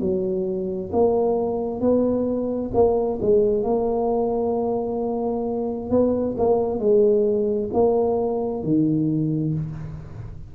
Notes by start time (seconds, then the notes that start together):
0.00 F#3
0.92 A#3
1.80 B3
2.74 A#3
3.21 G#3
3.63 A#3
5.90 B3
6.37 A#3
6.79 G#3
7.73 A#3
8.63 D#3